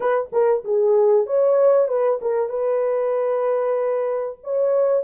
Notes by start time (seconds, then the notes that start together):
0.00 B4
0.32 A#4
0.64 G#4
1.26 C#5
1.88 B4
2.21 A#4
2.49 B4
4.43 C#5